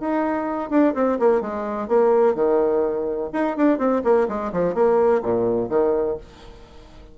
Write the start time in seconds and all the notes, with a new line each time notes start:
0.00 D#4
0.70 D4
0.95 C4
1.19 A#3
1.41 G#3
1.88 A#3
2.35 D#3
3.33 D#4
3.57 D4
3.78 C4
4.04 A#3
4.28 G#3
4.52 F3
4.74 A#3
5.23 A#2
5.69 D#3